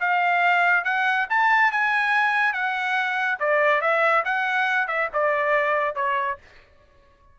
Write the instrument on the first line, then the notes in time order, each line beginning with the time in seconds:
trumpet
0.00 F5
0.84 F#5
1.29 A5
1.71 G#5
2.53 F#5
3.39 D5
3.81 E5
4.25 F#5
4.87 E5
5.13 D5
5.95 C#5